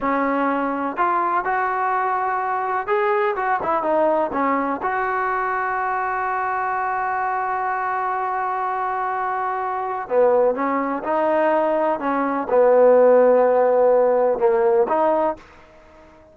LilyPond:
\new Staff \with { instrumentName = "trombone" } { \time 4/4 \tempo 4 = 125 cis'2 f'4 fis'4~ | fis'2 gis'4 fis'8 e'8 | dis'4 cis'4 fis'2~ | fis'1~ |
fis'1~ | fis'4 b4 cis'4 dis'4~ | dis'4 cis'4 b2~ | b2 ais4 dis'4 | }